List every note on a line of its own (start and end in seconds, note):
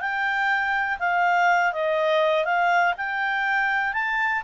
0.00 0.98 G5
0.99 1.73 F5
1.73 2.45 D#5
2.45 2.94 F5
2.97 3.93 G5
3.93 4.42 A5